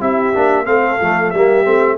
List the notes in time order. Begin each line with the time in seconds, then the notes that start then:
0.00 C4 E4 G4 E5
0.34 A#3 D4
0.66 A3 C4 A4 F5
1.01 F3 A3
1.30 G3 A#3 G4 E5
1.64 A3 C4